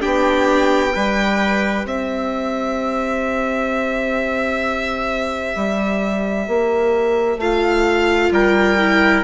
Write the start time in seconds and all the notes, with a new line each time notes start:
0.00 B3 D4 G4 G5
0.91 G3 G4 B4
1.85 C4 C5 E5
5.55 G3
6.47 A#3
7.37 A3 F4 F5
8.30 G3 A#4 G5
8.78 E4